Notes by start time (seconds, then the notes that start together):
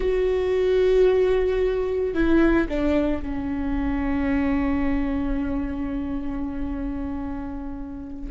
0.00 F#4
2.14 E4
2.68 D4
3.22 C#4